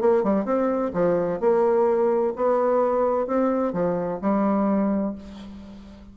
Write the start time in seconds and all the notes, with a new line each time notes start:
0.00 A#3
0.23 G3
0.45 C4
0.93 F3
1.40 A#3
2.35 B3
3.26 C4
3.73 F3
4.21 G3